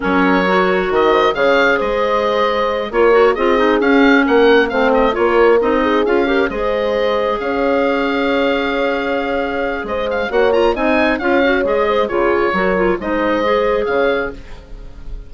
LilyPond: <<
  \new Staff \with { instrumentName = "oboe" } { \time 4/4 \tempo 4 = 134 cis''2 dis''4 f''4 | dis''2~ dis''8 cis''4 dis''8~ | dis''8 f''4 fis''4 f''8 dis''8 cis''8~ | cis''8 dis''4 f''4 dis''4.~ |
dis''8 f''2.~ f''8~ | f''2 dis''8 f''8 fis''8 ais''8 | gis''4 f''4 dis''4 cis''4~ | cis''4 dis''2 f''4 | }
  \new Staff \with { instrumentName = "horn" } { \time 4/4 ais'2~ ais'8 c''8 cis''4 | c''2~ c''8 ais'4 gis'8~ | gis'4. ais'4 c''4 ais'8~ | ais'4 gis'4 ais'8 c''4.~ |
c''8 cis''2.~ cis''8~ | cis''2 c''4 cis''4 | dis''4 cis''4. c''8 gis'4 | ais'4 c''2 cis''4 | }
  \new Staff \with { instrumentName = "clarinet" } { \time 4/4 cis'4 fis'2 gis'4~ | gis'2~ gis'8 f'8 fis'8 f'8 | dis'8 cis'2 c'4 f'8~ | f'8 dis'4 f'8 g'8 gis'4.~ |
gis'1~ | gis'2. fis'8 f'8 | dis'4 f'8 fis'8 gis'4 f'4 | fis'8 f'8 dis'4 gis'2 | }
  \new Staff \with { instrumentName = "bassoon" } { \time 4/4 fis2 dis4 cis4 | gis2~ gis8 ais4 c'8~ | c'8 cis'4 ais4 a4 ais8~ | ais8 c'4 cis'4 gis4.~ |
gis8 cis'2.~ cis'8~ | cis'2 gis4 ais4 | c'4 cis'4 gis4 cis4 | fis4 gis2 cis4 | }
>>